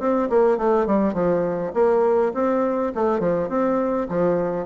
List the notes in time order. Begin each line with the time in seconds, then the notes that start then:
0.00 C4
0.30 A#3
0.58 A3
0.87 G3
1.14 F3
1.74 A#3
2.34 C4
2.95 A3
3.20 F3
3.49 C4
4.09 F3